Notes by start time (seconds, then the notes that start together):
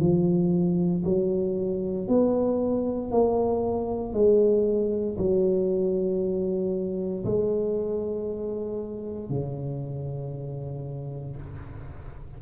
0.00 F3
1.04 F#3
2.07 B3
3.11 A#3
4.13 G#3
5.18 F#3
7.25 G#3
9.29 C#3